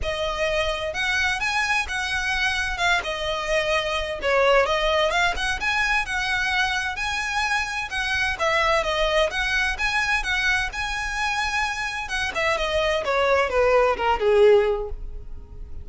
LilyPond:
\new Staff \with { instrumentName = "violin" } { \time 4/4 \tempo 4 = 129 dis''2 fis''4 gis''4 | fis''2 f''8 dis''4.~ | dis''4 cis''4 dis''4 f''8 fis''8 | gis''4 fis''2 gis''4~ |
gis''4 fis''4 e''4 dis''4 | fis''4 gis''4 fis''4 gis''4~ | gis''2 fis''8 e''8 dis''4 | cis''4 b'4 ais'8 gis'4. | }